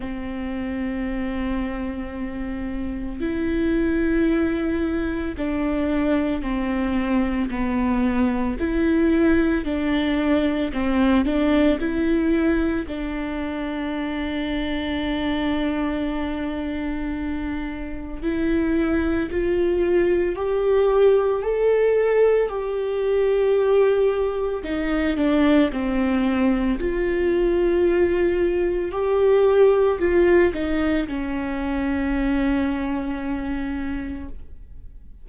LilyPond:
\new Staff \with { instrumentName = "viola" } { \time 4/4 \tempo 4 = 56 c'2. e'4~ | e'4 d'4 c'4 b4 | e'4 d'4 c'8 d'8 e'4 | d'1~ |
d'4 e'4 f'4 g'4 | a'4 g'2 dis'8 d'8 | c'4 f'2 g'4 | f'8 dis'8 cis'2. | }